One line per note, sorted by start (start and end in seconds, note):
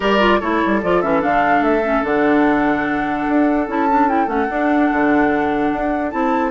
0.00 0.40 G3
0.00 0.19 G4
0.00 0.40 A#4
0.00 0.40 D5
0.19 0.40 F4
0.40 0.63 A3
0.40 0.82 E4
0.40 6.50 A4
0.40 0.80 C#5
0.65 0.83 G3
0.82 1.03 F3
0.82 1.03 F4
0.82 1.01 D5
1.01 1.23 E3
1.01 1.20 C#4
1.01 1.21 E5
1.20 1.60 D3
1.20 1.81 D4
1.20 1.63 F5
1.60 2.01 A3
1.60 2.04 E5
1.83 2.02 C#4
2.02 3.26 D3
2.02 3.66 D4
2.02 3.68 F#5
3.28 3.67 D4
3.67 4.27 C#4
3.67 3.88 E4
3.67 4.08 A5
3.90 4.08 D4
4.08 4.26 E4
4.08 4.28 G5
4.26 4.47 A3
4.26 4.46 C#4
4.26 6.11 F#5
4.49 4.90 D4
4.49 6.10 D4
4.91 5.72 D3
5.72 6.13 D4
6.10 6.50 C4
6.10 6.50 E4
6.10 6.50 A5